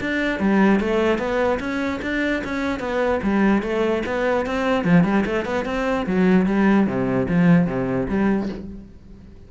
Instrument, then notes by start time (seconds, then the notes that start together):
cello
0.00 D4
0.39 G3
0.79 A3
1.18 B3
1.59 C#4
2.02 D4
2.44 C#4
2.79 B3
3.22 G3
3.62 A3
4.06 B3
4.45 C4
4.84 F3
5.04 G3
5.25 A3
5.45 B3
5.65 C4
6.06 F#3
6.46 G3
6.86 C3
7.28 F3
7.67 C3
8.08 G3